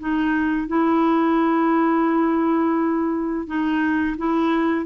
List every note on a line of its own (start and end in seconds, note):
0.00 0.68 D#4
0.68 3.47 E4
3.47 4.17 D#4
4.18 4.86 E4